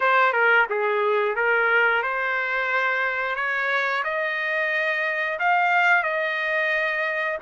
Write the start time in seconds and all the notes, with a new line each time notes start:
0.00 C5
0.32 A#4
0.69 G#4
1.35 A#4
2.02 C5
3.35 C#5
4.04 D#5
5.39 F5
6.03 D#5